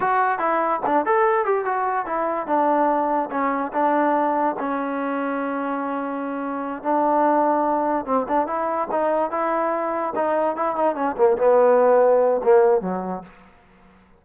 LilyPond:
\new Staff \with { instrumentName = "trombone" } { \time 4/4 \tempo 4 = 145 fis'4 e'4 d'8 a'4 g'8 | fis'4 e'4 d'2 | cis'4 d'2 cis'4~ | cis'1~ |
cis'8 d'2. c'8 | d'8 e'4 dis'4 e'4.~ | e'8 dis'4 e'8 dis'8 cis'8 ais8 b8~ | b2 ais4 fis4 | }